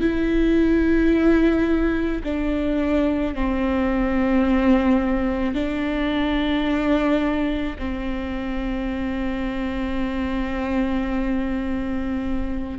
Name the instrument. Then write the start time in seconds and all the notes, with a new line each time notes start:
viola
0.00 E4
2.23 D4
3.34 C4
5.54 D4
7.78 C4